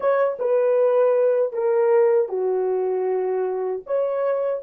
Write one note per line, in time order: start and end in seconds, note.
0.00 0.37 C#5
0.39 1.52 B4
1.52 2.28 A#4
2.28 3.82 F#4
3.86 4.63 C#5